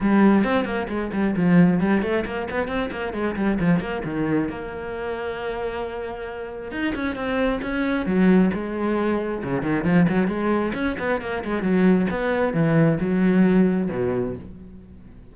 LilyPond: \new Staff \with { instrumentName = "cello" } { \time 4/4 \tempo 4 = 134 g4 c'8 ais8 gis8 g8 f4 | g8 a8 ais8 b8 c'8 ais8 gis8 g8 | f8 ais8 dis4 ais2~ | ais2. dis'8 cis'8 |
c'4 cis'4 fis4 gis4~ | gis4 cis8 dis8 f8 fis8 gis4 | cis'8 b8 ais8 gis8 fis4 b4 | e4 fis2 b,4 | }